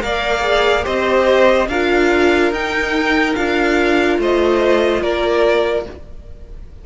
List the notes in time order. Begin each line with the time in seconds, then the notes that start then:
0.00 A#3 A#4 D5 F5
0.41 G#4
0.83 C4 G4 C5 D#5
1.69 D4 F4 A#4 F5
2.52 D#4 G5
3.35 D4 F4 F5
4.19 A3 C5 D#5
5.02 A#3 A#4 D5